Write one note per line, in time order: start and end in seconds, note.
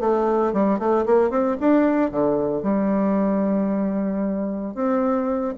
0.00 0.53 A3
0.53 0.79 G3
0.79 1.05 A3
1.06 1.30 A#3
1.30 1.57 C4
1.60 2.11 D4
2.11 2.63 D3
2.63 4.75 G3
4.75 5.54 C4